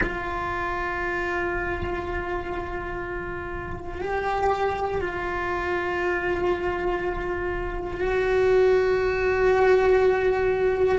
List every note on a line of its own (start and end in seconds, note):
0.03 4.00 F4
4.00 5.00 G4
5.00 8.00 F4
8.00 10.98 F#4